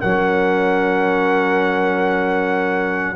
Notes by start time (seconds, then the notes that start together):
0.00 F#3 C#4 A#4 F#5